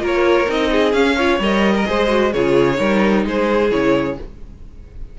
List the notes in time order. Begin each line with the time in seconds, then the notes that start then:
0.00 A#3 F4 A#4
0.07 C#5
0.47 C4 D#4 D#5
0.72 G#4
0.93 C#4 F5
1.16 F4 C#5
1.40 G3 A#4 D#5
1.77 A#4
1.86 G#3 G#4 C5
2.09 F#4
2.33 C#3 F4 G#4 C#5
2.75 G3 D#4 A#4
3.26 G#3 G#4 C5
3.71 C#3 E4 C#5